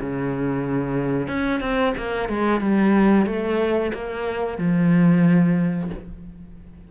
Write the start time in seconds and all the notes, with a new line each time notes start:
0.00 C#3
1.28 C#4
1.61 C4
1.97 A#3
2.29 G#3
2.60 G3
3.26 A3
3.94 A#3
4.58 F3